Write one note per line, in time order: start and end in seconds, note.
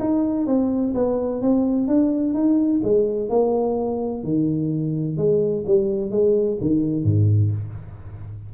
0.00 0.47 D#4
0.47 0.94 C4
0.95 1.42 B3
1.42 1.88 C4
1.88 2.34 D4
2.34 2.82 D#4
2.84 3.29 G#3
3.29 4.24 A#3
4.24 5.18 D#3
5.18 5.65 G#3
5.67 6.11 G3
6.11 6.58 G#3
6.61 7.04 D#3
7.04 7.52 G#2